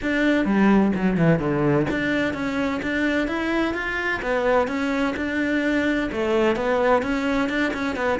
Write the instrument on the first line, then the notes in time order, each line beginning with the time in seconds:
cello
0.01 D4
0.45 G3
0.95 F#3
1.17 E3
1.39 D3
1.90 D4
2.33 C#4
2.82 D4
3.27 E4
3.74 F4
4.22 B3
4.67 C#4
5.16 D4
6.12 A3
6.55 B3
7.02 C#4
7.49 D4
7.73 C#4
7.96 B3